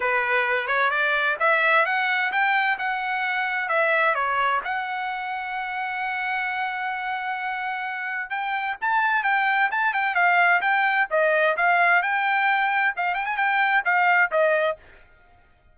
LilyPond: \new Staff \with { instrumentName = "trumpet" } { \time 4/4 \tempo 4 = 130 b'4. cis''8 d''4 e''4 | fis''4 g''4 fis''2 | e''4 cis''4 fis''2~ | fis''1~ |
fis''2 g''4 a''4 | g''4 a''8 g''8 f''4 g''4 | dis''4 f''4 g''2 | f''8 g''16 gis''16 g''4 f''4 dis''4 | }